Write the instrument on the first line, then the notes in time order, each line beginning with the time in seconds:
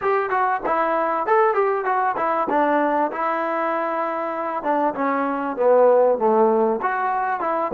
trombone
0.01 G4
0.30 F#4
0.66 E4
1.26 A4
1.54 G4
1.84 F#4
2.16 E4
2.49 D4
3.11 E4
4.63 D4
4.94 C#4
5.56 B3
6.18 A3
6.82 F#4
7.40 E4